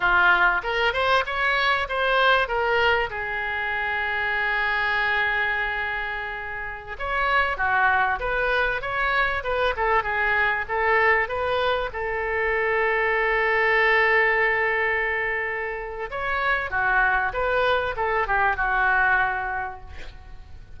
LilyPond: \new Staff \with { instrumentName = "oboe" } { \time 4/4 \tempo 4 = 97 f'4 ais'8 c''8 cis''4 c''4 | ais'4 gis'2.~ | gis'2.~ gis'16 cis''8.~ | cis''16 fis'4 b'4 cis''4 b'8 a'16~ |
a'16 gis'4 a'4 b'4 a'8.~ | a'1~ | a'2 cis''4 fis'4 | b'4 a'8 g'8 fis'2 | }